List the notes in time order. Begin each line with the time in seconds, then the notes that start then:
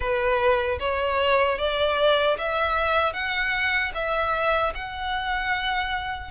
0.00 B4
0.79 C#5
1.58 D5
2.38 E5
3.13 F#5
3.94 E5
4.74 F#5